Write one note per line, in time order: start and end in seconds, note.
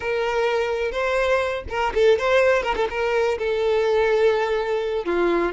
0.00 0.91 A#4
0.91 1.63 C5
1.69 1.93 A#4
1.94 2.18 A4
2.18 2.62 C5
2.62 2.74 A#4
2.76 2.88 A4
2.90 3.38 A#4
3.38 5.05 A4
5.05 5.52 F4